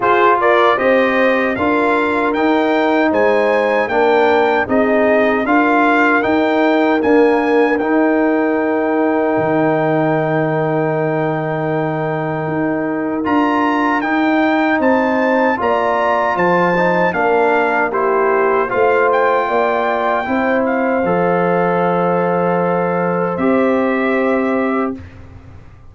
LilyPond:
<<
  \new Staff \with { instrumentName = "trumpet" } { \time 4/4 \tempo 4 = 77 c''8 d''8 dis''4 f''4 g''4 | gis''4 g''4 dis''4 f''4 | g''4 gis''4 g''2~ | g''1~ |
g''4 ais''4 g''4 a''4 | ais''4 a''4 f''4 c''4 | f''8 g''2 f''4.~ | f''2 e''2 | }
  \new Staff \with { instrumentName = "horn" } { \time 4/4 gis'8 ais'8 c''4 ais'2 | c''4 ais'4 gis'4 ais'4~ | ais'1~ | ais'1~ |
ais'2. c''4 | d''4 c''4 ais'4 g'4 | c''4 d''4 c''2~ | c''1 | }
  \new Staff \with { instrumentName = "trombone" } { \time 4/4 f'4 g'4 f'4 dis'4~ | dis'4 d'4 dis'4 f'4 | dis'4 ais4 dis'2~ | dis'1~ |
dis'4 f'4 dis'2 | f'4. dis'8 d'4 e'4 | f'2 e'4 a'4~ | a'2 g'2 | }
  \new Staff \with { instrumentName = "tuba" } { \time 4/4 f'4 c'4 d'4 dis'4 | gis4 ais4 c'4 d'4 | dis'4 d'4 dis'2 | dis1 |
dis'4 d'4 dis'4 c'4 | ais4 f4 ais2 | a4 ais4 c'4 f4~ | f2 c'2 | }
>>